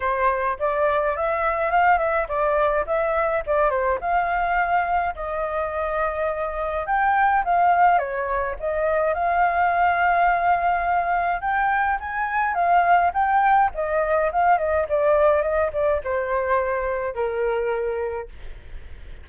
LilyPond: \new Staff \with { instrumentName = "flute" } { \time 4/4 \tempo 4 = 105 c''4 d''4 e''4 f''8 e''8 | d''4 e''4 d''8 c''8 f''4~ | f''4 dis''2. | g''4 f''4 cis''4 dis''4 |
f''1 | g''4 gis''4 f''4 g''4 | dis''4 f''8 dis''8 d''4 dis''8 d''8 | c''2 ais'2 | }